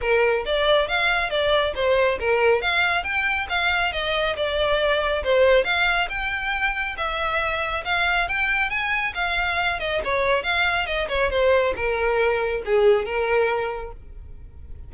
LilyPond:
\new Staff \with { instrumentName = "violin" } { \time 4/4 \tempo 4 = 138 ais'4 d''4 f''4 d''4 | c''4 ais'4 f''4 g''4 | f''4 dis''4 d''2 | c''4 f''4 g''2 |
e''2 f''4 g''4 | gis''4 f''4. dis''8 cis''4 | f''4 dis''8 cis''8 c''4 ais'4~ | ais'4 gis'4 ais'2 | }